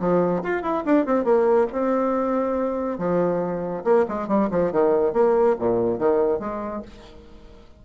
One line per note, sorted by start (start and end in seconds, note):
0.00 0.43 F3
0.43 0.63 F4
0.63 0.84 E4
0.86 1.06 D4
1.06 1.24 C4
1.24 1.67 A#3
1.73 2.98 C4
2.98 3.84 F3
3.84 4.06 A#3
4.08 4.28 G#3
4.28 4.49 G3
4.51 4.72 F3
4.72 5.14 D#3
5.14 5.56 A#3
5.59 5.99 A#2
5.99 6.40 D#3
6.40 6.82 G#3